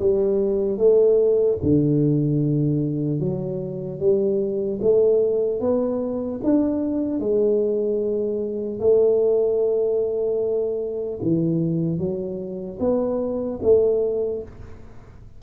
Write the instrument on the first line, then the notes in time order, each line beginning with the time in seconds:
tuba
0.00 G3
0.78 A3
1.63 D3
3.20 F#3
4.00 G3
4.82 A3
5.61 B3
6.44 D4
7.20 G#3
8.80 A3
11.22 E3
11.99 F#3
12.80 B3
13.63 A3